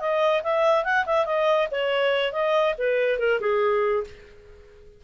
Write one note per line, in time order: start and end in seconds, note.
0.00 0.42 D#5
0.43 0.84 E5
0.84 1.05 F#5
1.06 1.25 E5
1.25 1.68 D#5
1.71 2.32 C#5
2.32 2.74 D#5
2.78 3.19 B4
3.19 3.40 A#4
3.40 4.04 G#4